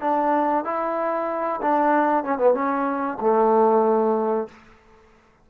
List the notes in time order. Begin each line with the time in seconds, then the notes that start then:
0.00 D4
0.64 E4
1.61 D4
2.24 C#4
2.38 B3
2.54 C#4
3.20 A3